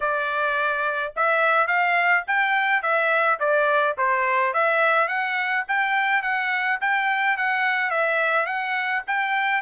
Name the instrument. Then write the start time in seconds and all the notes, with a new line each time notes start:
trumpet
0.00 D5
1.16 E5
1.67 F5
2.27 G5
2.82 E5
3.39 D5
3.97 C5
4.53 E5
5.08 F#5
5.68 G5
6.22 F#5
6.80 G5
7.37 F#5
7.90 E5
8.45 F#5
9.07 G5